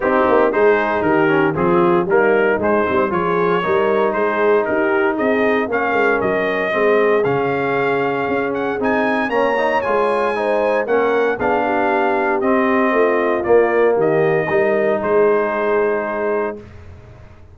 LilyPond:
<<
  \new Staff \with { instrumentName = "trumpet" } { \time 4/4 \tempo 4 = 116 g'4 c''4 ais'4 gis'4 | ais'4 c''4 cis''2 | c''4 ais'4 dis''4 f''4 | dis''2 f''2~ |
f''8 fis''8 gis''4 ais''4 gis''4~ | gis''4 fis''4 f''2 | dis''2 d''4 dis''4~ | dis''4 c''2. | }
  \new Staff \with { instrumentName = "horn" } { \time 4/4 dis'4 gis'4 g'4 f'4 | dis'2 gis'4 ais'4 | gis'4 g'4 gis'4 ais'4~ | ais'4 gis'2.~ |
gis'2 cis''2 | c''4 ais'4 gis'8 g'4.~ | g'4 f'2 g'4 | ais'4 gis'2. | }
  \new Staff \with { instrumentName = "trombone" } { \time 4/4 c'4 dis'4. cis'8 c'4 | ais4 gis8 c'8 f'4 dis'4~ | dis'2. cis'4~ | cis'4 c'4 cis'2~ |
cis'4 dis'4 cis'8 dis'8 f'4 | dis'4 cis'4 d'2 | c'2 ais2 | dis'1 | }
  \new Staff \with { instrumentName = "tuba" } { \time 4/4 c'8 ais8 gis4 dis4 f4 | g4 gis8 g8 f4 g4 | gis4 dis'4 c'4 ais8 gis8 | fis4 gis4 cis2 |
cis'4 c'4 ais4 gis4~ | gis4 ais4 b2 | c'4 a4 ais4 dis4 | g4 gis2. | }
>>